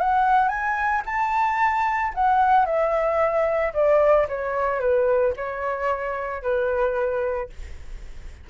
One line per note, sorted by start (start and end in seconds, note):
0.00 0.48 F#5
0.48 1.02 G#5
1.06 2.13 A5
2.15 2.66 F#5
2.66 3.73 E5
3.74 4.27 D5
4.29 4.80 C#5
4.80 5.34 B4
5.36 6.42 C#5
6.42 7.50 B4